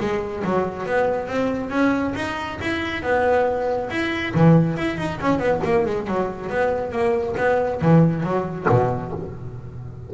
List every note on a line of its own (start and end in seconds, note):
0.00 0.43 G#3
0.44 0.86 F#3
0.86 1.27 B3
1.27 1.70 C4
1.70 2.14 C#4
2.15 2.59 D#4
2.61 3.03 E4
3.03 3.90 B3
3.90 4.34 E4
4.35 4.77 E3
4.77 4.98 E4
4.98 5.20 D#4
5.21 5.39 C#4
5.39 5.61 B3
5.64 5.86 A#3
5.86 6.07 G#3
6.07 6.50 F#3
6.50 6.92 B3
6.92 7.35 A#3
7.38 7.81 B3
7.82 8.23 E3
8.23 8.67 F#3
8.69 9.13 B2